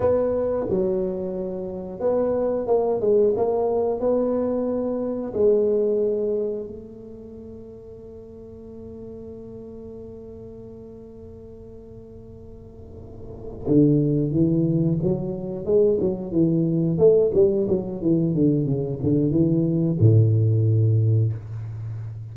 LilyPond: \new Staff \with { instrumentName = "tuba" } { \time 4/4 \tempo 4 = 90 b4 fis2 b4 | ais8 gis8 ais4 b2 | gis2 a2~ | a1~ |
a1~ | a8 d4 e4 fis4 gis8 | fis8 e4 a8 g8 fis8 e8 d8 | cis8 d8 e4 a,2 | }